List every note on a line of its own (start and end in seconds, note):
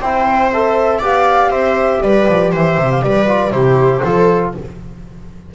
0.00 1.01 C4
0.00 0.53 E4
0.00 0.99 C5
0.00 0.51 G5
0.51 1.02 A4
0.51 1.02 E5
0.99 1.50 B3
0.99 3.26 G4
0.99 1.49 D5
0.99 1.51 F5
1.50 2.00 C4
1.50 2.01 C5
1.50 2.02 E5
2.01 2.27 G3
2.01 2.51 B4
2.01 2.52 D5
2.28 2.53 F3
2.51 2.78 E3
2.51 3.02 C5
2.51 2.91 E5
2.78 3.03 C3
2.91 3.02 F5
3.02 3.51 G3
3.02 3.52 B4
3.02 3.51 D5
3.26 3.51 F4
3.51 4.01 C3
3.51 4.01 E4
3.51 4.03 G4
3.51 4.52 C5
4.04 4.54 F3
4.04 4.54 F4
4.04 4.54 A4